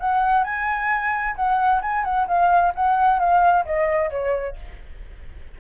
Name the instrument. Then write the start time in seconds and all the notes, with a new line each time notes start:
flute
0.00 F#5
0.44 G#5
1.36 F#5
1.82 G#5
2.04 F#5
2.27 F5
2.75 F#5
3.19 F5
3.65 D#5
4.10 C#5